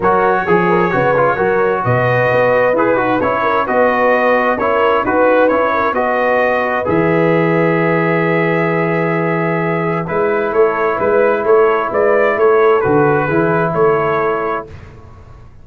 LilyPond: <<
  \new Staff \with { instrumentName = "trumpet" } { \time 4/4 \tempo 4 = 131 cis''1 | dis''2 b'4 cis''4 | dis''2 cis''4 b'4 | cis''4 dis''2 e''4~ |
e''1~ | e''2 b'4 cis''4 | b'4 cis''4 d''4 cis''4 | b'2 cis''2 | }
  \new Staff \with { instrumentName = "horn" } { \time 4/4 ais'4 gis'8 ais'8 b'4 ais'4 | b'2.~ b'8 ais'8 | b'2 ais'4 b'4~ | b'8 ais'8 b'2.~ |
b'1~ | b'2. a'4 | b'4 a'4 b'4 a'4~ | a'4 gis'4 a'2 | }
  \new Staff \with { instrumentName = "trombone" } { \time 4/4 fis'4 gis'4 fis'8 f'8 fis'4~ | fis'2 gis'8 fis'8 e'4 | fis'2 e'4 fis'4 | e'4 fis'2 gis'4~ |
gis'1~ | gis'2 e'2~ | e'1 | fis'4 e'2. | }
  \new Staff \with { instrumentName = "tuba" } { \time 4/4 fis4 f4 cis4 fis4 | b,4 b4 e'8 dis'8 cis'4 | b2 cis'4 dis'4 | cis'4 b2 e4~ |
e1~ | e2 gis4 a4 | gis4 a4 gis4 a4 | d4 e4 a2 | }
>>